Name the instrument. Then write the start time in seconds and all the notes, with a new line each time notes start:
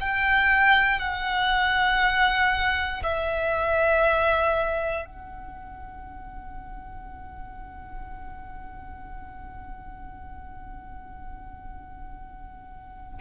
violin
0.00 G5
0.99 F#5
3.03 E5
5.05 F#5